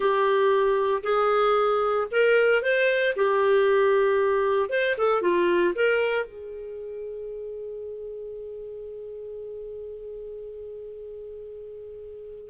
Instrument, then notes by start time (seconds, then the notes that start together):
clarinet
0.00 G4
1.03 G#4
2.11 A#4
2.62 C5
3.16 G4
4.69 C5
4.97 A4
5.21 F4
5.75 A#4
6.25 G#4